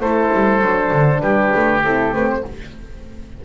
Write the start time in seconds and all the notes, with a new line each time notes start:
0.00 A3 E4 A4 C5
0.33 G3
0.61 F#3 D4
0.92 D3
1.20 G3 G4 B4
1.55 A3
1.83 C4 E4 A4
2.12 A3 C4 B4
2.29 C5